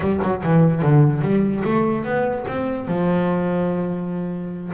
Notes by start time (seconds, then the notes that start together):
0.00 G3
0.22 F#3
0.43 E3
0.81 D3
1.21 G3
1.64 A3
2.04 B3
2.47 C4
2.87 F3